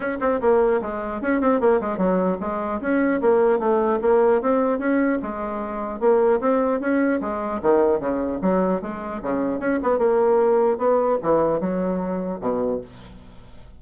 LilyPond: \new Staff \with { instrumentName = "bassoon" } { \time 4/4 \tempo 4 = 150 cis'8 c'8 ais4 gis4 cis'8 c'8 | ais8 gis8 fis4 gis4 cis'4 | ais4 a4 ais4 c'4 | cis'4 gis2 ais4 |
c'4 cis'4 gis4 dis4 | cis4 fis4 gis4 cis4 | cis'8 b8 ais2 b4 | e4 fis2 b,4 | }